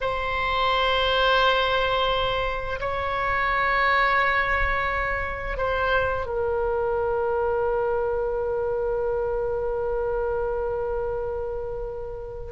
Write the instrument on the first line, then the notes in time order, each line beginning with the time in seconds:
oboe
0.00 C5
2.79 C#5
5.57 C5
6.26 A#4